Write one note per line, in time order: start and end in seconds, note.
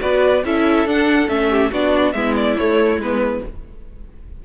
0.00 0.44 B3
0.00 0.43 F#4
0.00 0.45 B4
0.00 0.44 D5
0.44 0.86 C#4
0.44 0.88 E4
0.44 1.50 A4
0.44 0.89 E5
0.86 1.28 D4
0.86 1.29 F#5
1.28 1.71 A3
1.28 1.71 C#4
1.28 1.72 E5
1.50 1.72 G4
1.72 2.14 B3
1.72 2.14 D4
1.72 2.14 F#4
1.72 2.13 D5
2.13 2.57 G#3
2.13 2.57 B3
2.13 3.44 E4
2.13 2.34 E5
2.36 2.57 D5
2.57 3.02 A3
2.57 2.97 A3
2.57 3.00 C#5
2.97 3.40 G#3
2.97 3.46 B3
2.97 3.45 B4